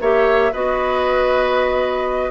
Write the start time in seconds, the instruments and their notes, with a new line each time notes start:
0.00 bassoon A#3, clarinet G4, oboe C#5, flute E5
0.52 bassoon B3, clarinet F#4, oboe B4, flute D#5